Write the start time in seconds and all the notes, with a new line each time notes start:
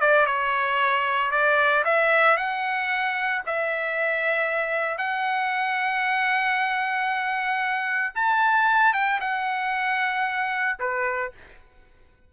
0.00 D5
0.26 C#5
1.31 D5
1.84 E5
2.37 F#5
3.46 E5
4.98 F#5
8.15 A5
8.93 G5
9.21 F#5
10.79 B4